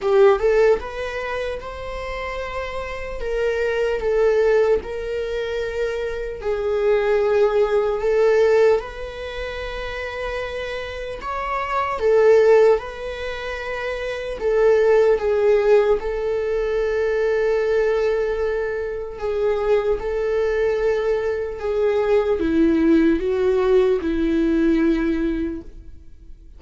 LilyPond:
\new Staff \with { instrumentName = "viola" } { \time 4/4 \tempo 4 = 75 g'8 a'8 b'4 c''2 | ais'4 a'4 ais'2 | gis'2 a'4 b'4~ | b'2 cis''4 a'4 |
b'2 a'4 gis'4 | a'1 | gis'4 a'2 gis'4 | e'4 fis'4 e'2 | }